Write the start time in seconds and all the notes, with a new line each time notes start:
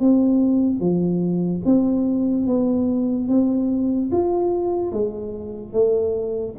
0.00 C4
0.80 F3
1.65 C4
2.47 B3
3.28 C4
4.11 F4
4.92 G#3
5.73 A3